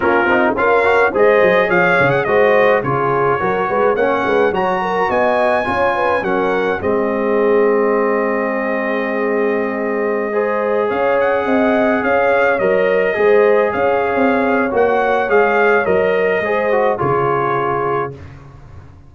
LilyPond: <<
  \new Staff \with { instrumentName = "trumpet" } { \time 4/4 \tempo 4 = 106 ais'4 f''4 dis''4 f''8. fis''16 | dis''4 cis''2 fis''4 | ais''4 gis''2 fis''4 | dis''1~ |
dis''2.~ dis''16 f''8 fis''16~ | fis''4~ fis''16 f''4 dis''4.~ dis''16~ | dis''16 f''4.~ f''16 fis''4 f''4 | dis''2 cis''2 | }
  \new Staff \with { instrumentName = "horn" } { \time 4/4 f'4 ais'4 c''4 cis''4 | c''4 gis'4 ais'8 b'8 cis''8 b'8 | cis''8 ais'8 dis''4 cis''8 b'8 ais'4 | gis'1~ |
gis'2~ gis'16 c''4 cis''8.~ | cis''16 dis''4 cis''2 c''8.~ | c''16 cis''2.~ cis''8.~ | cis''4 c''4 gis'2 | }
  \new Staff \with { instrumentName = "trombone" } { \time 4/4 cis'8 dis'8 f'8 fis'8 gis'2 | fis'4 f'4 fis'4 cis'4 | fis'2 f'4 cis'4 | c'1~ |
c'2~ c'16 gis'4.~ gis'16~ | gis'2~ gis'16 ais'4 gis'8.~ | gis'2 fis'4 gis'4 | ais'4 gis'8 fis'8 f'2 | }
  \new Staff \with { instrumentName = "tuba" } { \time 4/4 ais8 c'8 cis'4 gis8 fis8 f8 cis8 | gis4 cis4 fis8 gis8 ais8 gis8 | fis4 b4 cis'4 fis4 | gis1~ |
gis2.~ gis16 cis'8.~ | cis'16 c'4 cis'4 fis4 gis8.~ | gis16 cis'8. c'4 ais4 gis4 | fis4 gis4 cis2 | }
>>